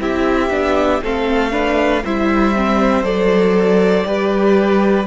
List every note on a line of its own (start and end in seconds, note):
0.00 0.50 C4
0.00 0.50 E4
0.00 1.03 G4
0.00 1.03 E5
0.50 1.00 B3
0.50 1.01 D4
1.02 2.04 A3
1.02 1.51 C4
1.02 1.52 A4
1.02 2.05 F5
1.51 2.02 D4
1.51 2.03 B4
2.04 3.02 G3
2.04 2.55 E4
2.04 4.07 C5
2.04 3.04 E5
2.55 3.03 C4
3.02 4.04 F#3
3.02 4.04 A4
3.02 5.07 D5
4.04 5.07 G3
4.04 5.06 G4
4.04 5.07 B4